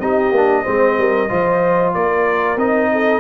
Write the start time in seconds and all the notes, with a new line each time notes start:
0.00 C4 D#4 G4 D#5
0.31 A#3 D4
0.63 G#3 C4 C5
0.98 G3 A#4
1.29 F3 F4 C5
1.94 A#3 A#4 D5
2.56 C4 D#4 D#5
2.92 A4